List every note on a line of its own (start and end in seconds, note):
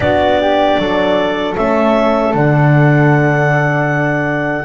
0.00 0.76 B3
0.00 1.56 D4
0.00 0.40 F#4
0.00 1.55 D5
0.41 0.79 G4
0.78 1.56 F#3
0.78 4.64 A4
1.56 2.33 A3
1.56 2.33 C#4
1.56 2.34 E5
2.33 4.64 D3
2.33 4.64 D4
2.33 4.64 F#5